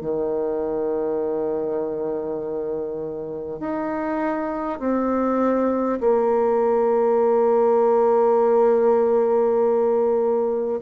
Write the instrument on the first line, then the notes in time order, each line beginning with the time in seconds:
bassoon
0.00 D#3
3.59 D#4
4.79 C4
6.00 A#3